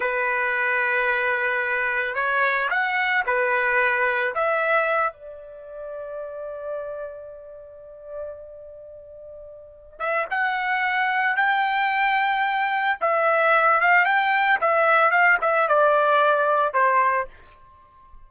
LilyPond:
\new Staff \with { instrumentName = "trumpet" } { \time 4/4 \tempo 4 = 111 b'1 | cis''4 fis''4 b'2 | e''4. d''2~ d''8~ | d''1~ |
d''2~ d''8 e''8 fis''4~ | fis''4 g''2. | e''4. f''8 g''4 e''4 | f''8 e''8 d''2 c''4 | }